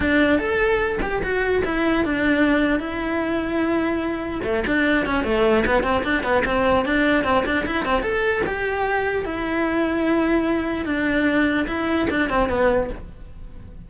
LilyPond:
\new Staff \with { instrumentName = "cello" } { \time 4/4 \tempo 4 = 149 d'4 a'4. g'8 fis'4 | e'4 d'2 e'4~ | e'2. a8 d'8~ | d'8 cis'8 a4 b8 c'8 d'8 b8 |
c'4 d'4 c'8 d'8 e'8 c'8 | a'4 g'2 e'4~ | e'2. d'4~ | d'4 e'4 d'8 c'8 b4 | }